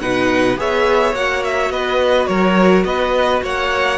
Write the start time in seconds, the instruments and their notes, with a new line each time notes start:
0.00 cello B2, viola D#4, violin B4 F#5
0.57 cello B3, viola G#4, violin C#5 E5
1.13 cello A#3, viola F#4, violin F#5
1.44 violin E5
1.70 cello B3, violin B4 D#5
2.26 cello F#3, violin A#4 C#5
2.84 cello B3, violin B4 D#5
3.42 cello A#3, violin C#5 F#5